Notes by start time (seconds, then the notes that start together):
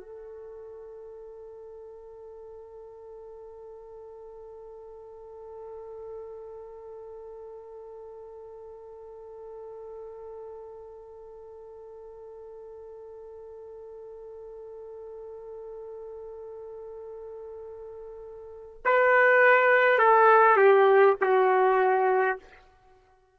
0.00 A4
18.84 B4
19.98 A4
20.56 G4
21.21 F#4